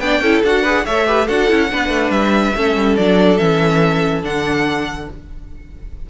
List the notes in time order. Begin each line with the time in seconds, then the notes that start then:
0.00 B3 D4 D5 G5
0.21 C#4 E4 A4
0.44 D4 F#4 F#5
0.63 G#4 B4
0.86 A3 A4 C#5 E5
1.07 G4 B4
1.27 D4 F#4 A4 F#5
1.49 C#4 E4
1.69 B3 D4 B4
1.89 A3
2.10 G3 E5
2.56 A3 C#4 A4
2.76 G3
2.97 F#3 D4 D5
3.38 E3 C#4 E5
4.23 D3 D4 F#5